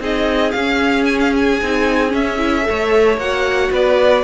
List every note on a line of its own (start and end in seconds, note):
0.00 0.53 C4
0.00 0.54 D#4
0.00 2.67 G#4
0.00 0.51 D#5
0.51 1.61 C#4
0.51 1.63 C#4
0.51 1.05 F5
1.06 1.19 G#5
1.20 1.34 F5
1.36 2.14 G#5
1.62 2.14 C4
1.62 2.10 D#4
2.10 2.36 C#4
2.10 2.67 C#4
2.10 3.19 E5
2.38 2.63 E4
2.63 3.16 A4
2.69 3.17 A3
2.69 3.72 C#5
3.17 3.70 A#3
3.17 4.24 F#4
3.17 3.72 F#5
3.72 4.24 B3
3.72 4.24 B4
3.72 4.24 D5